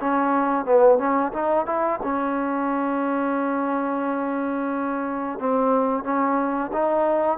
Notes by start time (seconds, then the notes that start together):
0.00 C#4
0.65 B3
0.98 C#4
1.32 D#4
1.65 E4
2.02 C#4
5.39 C4
6.03 C#4
6.72 D#4